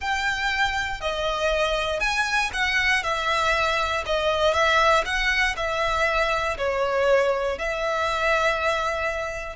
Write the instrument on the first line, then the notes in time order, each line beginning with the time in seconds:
violin
0.00 G5
1.00 D#5
2.00 G#5
2.53 F#5
3.03 E5
4.06 D#5
4.53 E5
5.05 F#5
5.56 E5
6.57 C#5
7.58 E5